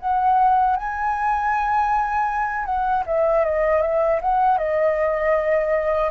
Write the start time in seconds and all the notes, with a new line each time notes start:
0.00 F#5
0.76 G#5
2.65 F#5
3.06 E5
3.44 D#5
3.82 E5
4.21 F#5
4.58 D#5